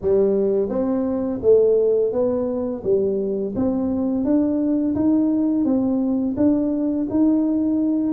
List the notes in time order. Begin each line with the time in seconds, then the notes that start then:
0.01 G3
0.69 C4
1.41 A3
2.12 B3
2.83 G3
3.55 C4
4.24 D4
4.95 D#4
5.64 C4
6.36 D4
7.10 D#4